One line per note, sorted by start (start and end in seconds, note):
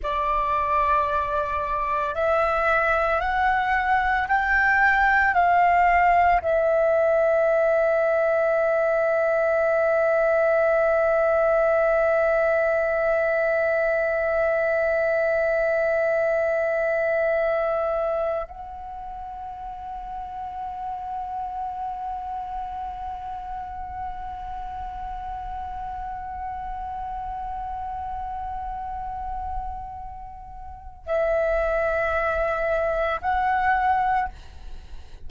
0.02 2.14 D5
2.14 3.20 E5
3.20 4.27 F#5
4.28 5.33 G5
5.33 6.40 F5
6.41 18.47 E5
18.48 31.06 F#5
31.06 33.20 E5
33.21 34.29 F#5